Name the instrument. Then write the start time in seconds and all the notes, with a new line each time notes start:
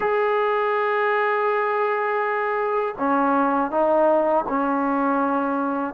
trombone
0.00 G#4
2.98 C#4
3.70 D#4
4.48 C#4